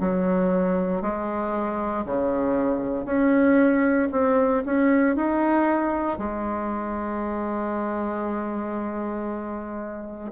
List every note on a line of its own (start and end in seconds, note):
0.00 1.02 F#3
1.02 2.05 G#3
2.05 3.05 C#3
3.05 4.09 C#4
4.12 4.64 C4
4.65 5.16 C#4
5.16 6.18 D#4
6.18 10.32 G#3